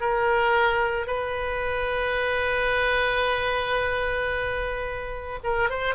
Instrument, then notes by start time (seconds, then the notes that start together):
oboe
0.00 A#4
1.06 B4
5.43 A#4
5.69 C5